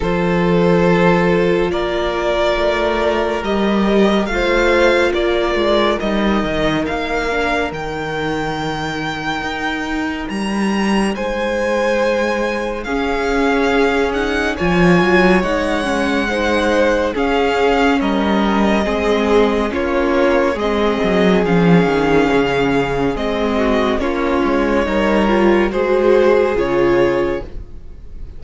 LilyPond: <<
  \new Staff \with { instrumentName = "violin" } { \time 4/4 \tempo 4 = 70 c''2 d''2 | dis''4 f''4 d''4 dis''4 | f''4 g''2. | ais''4 gis''2 f''4~ |
f''8 fis''8 gis''4 fis''2 | f''4 dis''2 cis''4 | dis''4 f''2 dis''4 | cis''2 c''4 cis''4 | }
  \new Staff \with { instrumentName = "violin" } { \time 4/4 a'2 ais'2~ | ais'4 c''4 ais'2~ | ais'1~ | ais'4 c''2 gis'4~ |
gis'4 cis''2 c''4 | gis'4 ais'4 gis'4 f'4 | gis'2.~ gis'8 fis'8 | f'4 ais'4 gis'2 | }
  \new Staff \with { instrumentName = "viola" } { \time 4/4 f'1 | g'4 f'2 dis'4~ | dis'8 d'8 dis'2.~ | dis'2. cis'4~ |
cis'8 dis'8 f'4 dis'8 cis'8 dis'4 | cis'2 c'4 cis'4 | c'4 cis'2 c'4 | cis'4 dis'8 f'8 fis'4 f'4 | }
  \new Staff \with { instrumentName = "cello" } { \time 4/4 f2 ais4 a4 | g4 a4 ais8 gis8 g8 dis8 | ais4 dis2 dis'4 | g4 gis2 cis'4~ |
cis'4 f8 fis8 gis2 | cis'4 g4 gis4 ais4 | gis8 fis8 f8 dis8 cis4 gis4 | ais8 gis8 g4 gis4 cis4 | }
>>